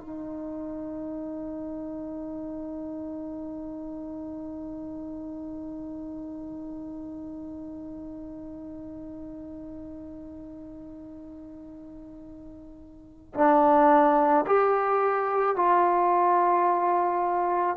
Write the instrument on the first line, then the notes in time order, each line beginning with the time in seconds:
trombone
0.00 D#4
13.34 D4
14.46 G4
15.56 F4